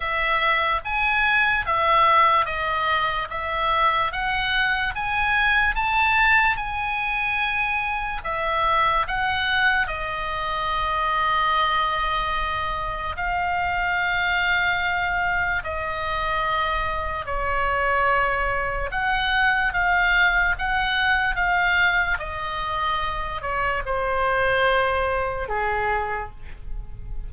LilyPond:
\new Staff \with { instrumentName = "oboe" } { \time 4/4 \tempo 4 = 73 e''4 gis''4 e''4 dis''4 | e''4 fis''4 gis''4 a''4 | gis''2 e''4 fis''4 | dis''1 |
f''2. dis''4~ | dis''4 cis''2 fis''4 | f''4 fis''4 f''4 dis''4~ | dis''8 cis''8 c''2 gis'4 | }